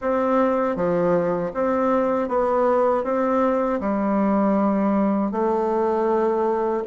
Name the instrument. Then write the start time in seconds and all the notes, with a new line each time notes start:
bassoon
0.01 C4
0.76 F3
1.54 C4
2.28 B3
3.04 C4
3.80 G3
5.31 A3